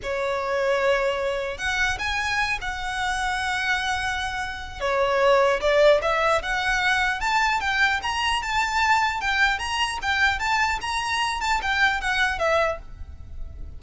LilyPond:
\new Staff \with { instrumentName = "violin" } { \time 4/4 \tempo 4 = 150 cis''1 | fis''4 gis''4. fis''4.~ | fis''1 | cis''2 d''4 e''4 |
fis''2 a''4 g''4 | ais''4 a''2 g''4 | ais''4 g''4 a''4 ais''4~ | ais''8 a''8 g''4 fis''4 e''4 | }